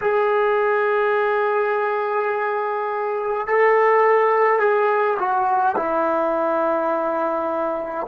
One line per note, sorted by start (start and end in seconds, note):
0.01 3.47 G#4
3.47 4.59 A4
4.59 5.17 G#4
5.19 5.75 F#4
5.75 8.06 E4